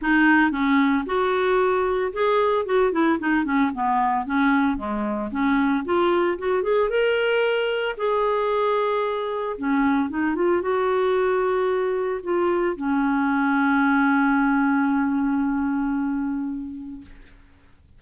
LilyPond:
\new Staff \with { instrumentName = "clarinet" } { \time 4/4 \tempo 4 = 113 dis'4 cis'4 fis'2 | gis'4 fis'8 e'8 dis'8 cis'8 b4 | cis'4 gis4 cis'4 f'4 | fis'8 gis'8 ais'2 gis'4~ |
gis'2 cis'4 dis'8 f'8 | fis'2. f'4 | cis'1~ | cis'1 | }